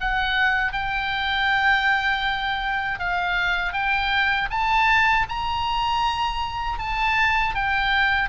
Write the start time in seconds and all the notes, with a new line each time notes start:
0.00 F#5
0.72 G5
2.99 F5
3.72 G5
4.50 A5
5.29 A#5
6.79 A5
7.54 G5